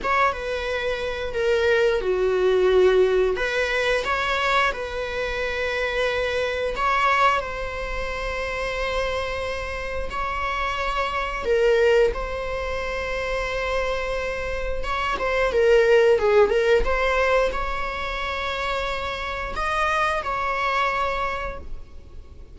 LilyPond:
\new Staff \with { instrumentName = "viola" } { \time 4/4 \tempo 4 = 89 cis''8 b'4. ais'4 fis'4~ | fis'4 b'4 cis''4 b'4~ | b'2 cis''4 c''4~ | c''2. cis''4~ |
cis''4 ais'4 c''2~ | c''2 cis''8 c''8 ais'4 | gis'8 ais'8 c''4 cis''2~ | cis''4 dis''4 cis''2 | }